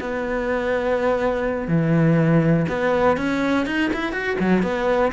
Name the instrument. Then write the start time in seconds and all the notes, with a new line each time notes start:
cello
0.00 B3
1.68 E3
2.68 B3
3.17 C#4
3.66 D#4
3.93 E4
4.12 F#4
4.40 F#3
4.63 B3